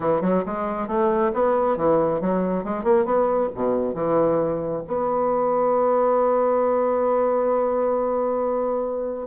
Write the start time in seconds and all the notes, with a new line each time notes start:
0.00 E3
0.21 F#3
0.45 G#3
0.87 A3
1.33 B3
1.76 E3
2.20 F#3
2.64 G#3
2.83 A#3
3.05 B3
3.54 B2
3.94 E3
4.87 B3